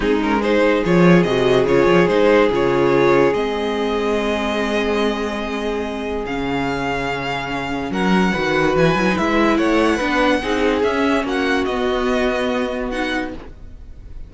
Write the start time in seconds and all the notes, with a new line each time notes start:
0.00 G#3 C4 D#4 G#4
0.22 C#4 A#4
0.41 D#4 G#4 C5
0.84 F3 F4 C#5
1.23 C3 F#4 D#5
1.64 C#3 F4 C#5
1.86 F3
2.07 G#3 D#4 C5
2.50 C#3 F4 C#5
3.33 G#3 C4 D#5
6.25 C#3 C#4 F5
7.90 F#3 A#4 F#5
8.32 D#3 F#4 B4
8.76 E3 G#5
8.94 F#3 E4
9.07 D#4
9.17 G#3 E4 E5
9.57 A3 C#5 F#5
9.96 B3 D4 B4
10.42 C4 D#4 G#4
10.82 C#4 E5
11.23 A#3 F#4 F#5
11.65 B3 D#5
12.90 D#4 F#5